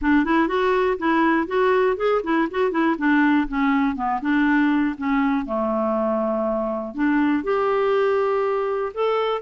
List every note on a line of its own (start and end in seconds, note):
0.01 0.24 D4
0.24 0.48 E4
0.48 0.97 F#4
0.98 1.47 E4
1.47 1.96 F#4
1.96 2.21 G#4
2.23 2.48 E4
2.50 2.71 F#4
2.71 2.96 E4
2.98 3.47 D4
3.48 3.95 C#4
3.95 4.20 B3
4.21 4.95 D4
4.97 5.45 C#4
5.45 6.94 A3
6.94 7.43 D4
7.43 8.92 G4
8.93 9.41 A4